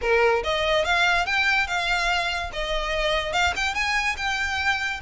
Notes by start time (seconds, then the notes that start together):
0.01 A#4
0.43 D#5
0.84 F5
1.25 G5
1.67 F5
2.52 D#5
3.32 F5
3.56 G5
3.74 G#5
4.16 G5